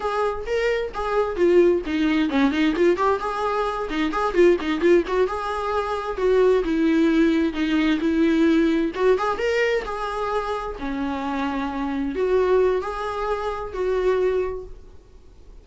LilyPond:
\new Staff \with { instrumentName = "viola" } { \time 4/4 \tempo 4 = 131 gis'4 ais'4 gis'4 f'4 | dis'4 cis'8 dis'8 f'8 g'8 gis'4~ | gis'8 dis'8 gis'8 f'8 dis'8 f'8 fis'8 gis'8~ | gis'4. fis'4 e'4.~ |
e'8 dis'4 e'2 fis'8 | gis'8 ais'4 gis'2 cis'8~ | cis'2~ cis'8 fis'4. | gis'2 fis'2 | }